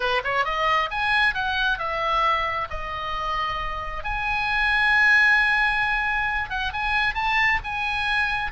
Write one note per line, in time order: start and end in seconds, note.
0.00 0.21 B4
0.24 0.45 C#5
0.45 0.89 D#5
0.90 1.34 G#5
1.34 1.78 F#5
1.78 2.68 E5
2.70 4.04 D#5
4.04 6.50 G#5
6.50 6.72 F#5
6.72 7.14 G#5
7.14 7.59 A5
7.64 8.51 G#5